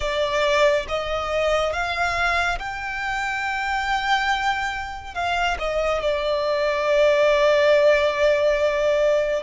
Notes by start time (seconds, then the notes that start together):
0.00 D5
0.88 D#5
1.72 F5
2.59 G5
5.14 F5
5.59 D#5
6.01 D5